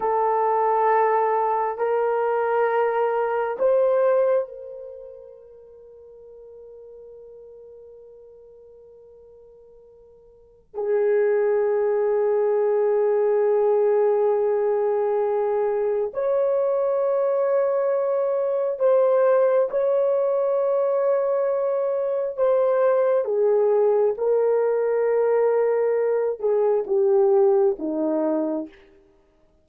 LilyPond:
\new Staff \with { instrumentName = "horn" } { \time 4/4 \tempo 4 = 67 a'2 ais'2 | c''4 ais'2.~ | ais'1 | gis'1~ |
gis'2 cis''2~ | cis''4 c''4 cis''2~ | cis''4 c''4 gis'4 ais'4~ | ais'4. gis'8 g'4 dis'4 | }